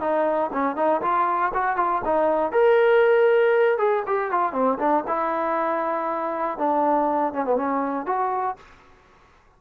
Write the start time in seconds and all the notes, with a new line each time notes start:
0.00 D#4
0.53 C#4
0.76 D#4
1.02 F4
1.54 F#4
1.76 F4
2.05 D#4
2.52 A#4
3.78 G#4
4.07 G4
4.31 F4
4.53 C4
4.79 D4
5.07 E4
6.58 D4
7.33 C#4
7.45 B3
7.56 C#4
8.06 F#4